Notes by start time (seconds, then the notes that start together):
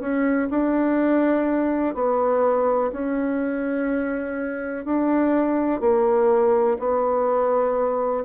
0.00 C#4
0.50 D4
1.94 B3
2.92 C#4
4.85 D4
5.80 A#3
6.79 B3